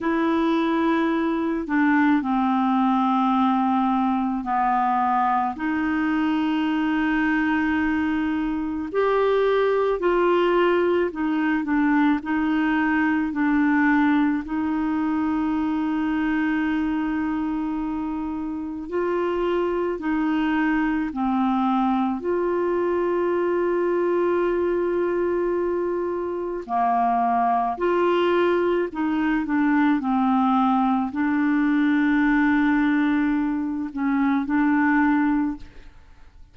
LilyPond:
\new Staff \with { instrumentName = "clarinet" } { \time 4/4 \tempo 4 = 54 e'4. d'8 c'2 | b4 dis'2. | g'4 f'4 dis'8 d'8 dis'4 | d'4 dis'2.~ |
dis'4 f'4 dis'4 c'4 | f'1 | ais4 f'4 dis'8 d'8 c'4 | d'2~ d'8 cis'8 d'4 | }